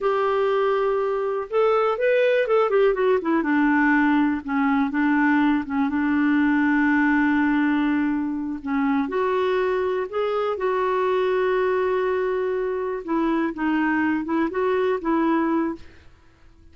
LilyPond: \new Staff \with { instrumentName = "clarinet" } { \time 4/4 \tempo 4 = 122 g'2. a'4 | b'4 a'8 g'8 fis'8 e'8 d'4~ | d'4 cis'4 d'4. cis'8 | d'1~ |
d'4. cis'4 fis'4.~ | fis'8 gis'4 fis'2~ fis'8~ | fis'2~ fis'8 e'4 dis'8~ | dis'4 e'8 fis'4 e'4. | }